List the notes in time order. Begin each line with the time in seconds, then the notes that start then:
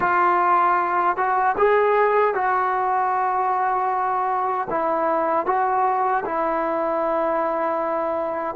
0.00 F4
1.17 F#4
1.57 G#4
2.34 F#4
4.70 E4
5.45 F#4
6.25 E4